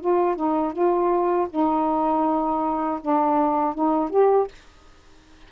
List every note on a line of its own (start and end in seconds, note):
0.00 0.35 F4
0.35 0.72 D#4
0.72 1.47 F4
1.49 2.99 D#4
3.00 3.74 D4
3.74 4.09 D#4
4.09 4.47 G4